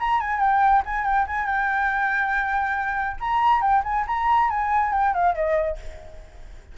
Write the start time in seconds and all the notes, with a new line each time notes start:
0.00 A#5
0.20 G#5
0.40 G5
0.86 G#5
1.05 G5
1.27 G#5
1.46 G5
3.20 A#5
3.62 G5
3.84 G#5
4.07 A#5
4.50 G#5
4.93 G5
5.14 F5
5.35 D#5